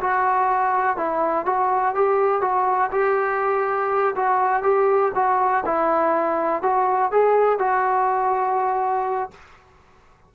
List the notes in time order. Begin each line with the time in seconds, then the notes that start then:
0.00 F#4
0.96 E4
1.45 F#4
1.94 G4
2.41 F#4
2.91 G4
4.15 F#4
4.62 G4
5.15 F#4
5.65 E4
6.62 F#4
7.11 G#4
7.58 F#4